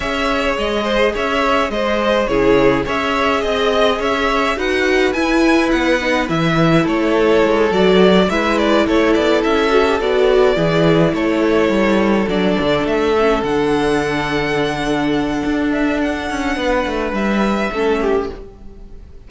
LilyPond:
<<
  \new Staff \with { instrumentName = "violin" } { \time 4/4 \tempo 4 = 105 e''4 dis''4 e''4 dis''4 | cis''4 e''4 dis''4 e''4 | fis''4 gis''4 fis''4 e''4 | cis''4. d''4 e''8 d''8 cis''8 |
d''8 e''4 d''2 cis''8~ | cis''4. d''4 e''4 fis''8~ | fis''2.~ fis''8 e''8 | fis''2 e''2 | }
  \new Staff \with { instrumentName = "violin" } { \time 4/4 cis''4. c''8 cis''4 c''4 | gis'4 cis''4 dis''4 cis''4 | b'1 | a'2~ a'8 b'4 a'8~ |
a'2~ a'8 gis'4 a'8~ | a'1~ | a'1~ | a'4 b'2 a'8 g'8 | }
  \new Staff \with { instrumentName = "viola" } { \time 4/4 gis'1 | e'4 gis'2. | fis'4 e'4. dis'8 e'4~ | e'4. fis'4 e'4.~ |
e'4 fis'16 g'16 fis'4 e'4.~ | e'4. d'4. cis'8 d'8~ | d'1~ | d'2. cis'4 | }
  \new Staff \with { instrumentName = "cello" } { \time 4/4 cis'4 gis4 cis'4 gis4 | cis4 cis'4 c'4 cis'4 | dis'4 e'4 b4 e4 | a4 gis8 fis4 gis4 a8 |
b8 cis'4 b4 e4 a8~ | a8 g4 fis8 d8 a4 d8~ | d2. d'4~ | d'8 cis'8 b8 a8 g4 a4 | }
>>